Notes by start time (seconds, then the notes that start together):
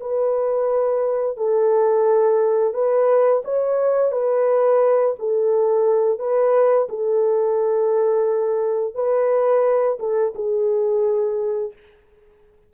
0.00 B4
1.37 A4
2.74 B4
3.45 C#5
4.12 B4
5.18 A4
6.19 B4
6.89 A4
8.94 B4
9.99 A4
10.35 G#4